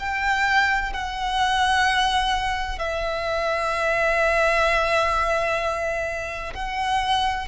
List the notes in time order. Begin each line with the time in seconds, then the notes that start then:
0.00 G5
0.93 F#5
2.79 E5
6.55 F#5